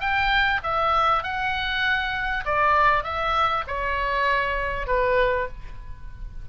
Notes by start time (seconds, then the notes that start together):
0.00 G5
0.63 E5
1.23 F#5
2.45 D5
3.04 E5
3.67 C#5
4.87 B4